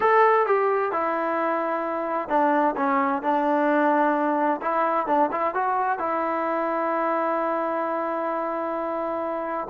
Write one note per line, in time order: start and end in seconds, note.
0.00 0.46 A4
0.46 0.91 G4
0.91 2.28 E4
2.28 2.75 D4
2.76 3.22 C#4
3.22 4.60 D4
4.61 5.06 E4
5.06 5.30 D4
5.31 5.54 E4
5.54 5.98 F#4
5.98 9.68 E4